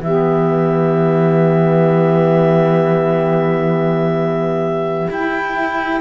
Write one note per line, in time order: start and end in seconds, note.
0.00 5.08 E3
0.00 5.12 B3
0.00 6.00 G4
0.00 5.11 E5
5.10 6.00 E4
5.10 6.00 G5